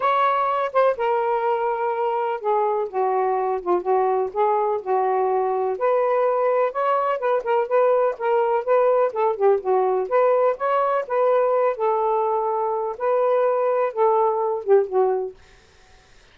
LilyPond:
\new Staff \with { instrumentName = "saxophone" } { \time 4/4 \tempo 4 = 125 cis''4. c''8 ais'2~ | ais'4 gis'4 fis'4. f'8 | fis'4 gis'4 fis'2 | b'2 cis''4 b'8 ais'8 |
b'4 ais'4 b'4 a'8 g'8 | fis'4 b'4 cis''4 b'4~ | b'8 a'2~ a'8 b'4~ | b'4 a'4. g'8 fis'4 | }